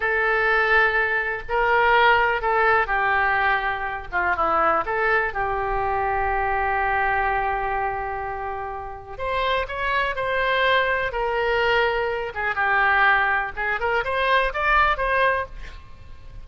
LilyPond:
\new Staff \with { instrumentName = "oboe" } { \time 4/4 \tempo 4 = 124 a'2. ais'4~ | ais'4 a'4 g'2~ | g'8 f'8 e'4 a'4 g'4~ | g'1~ |
g'2. c''4 | cis''4 c''2 ais'4~ | ais'4. gis'8 g'2 | gis'8 ais'8 c''4 d''4 c''4 | }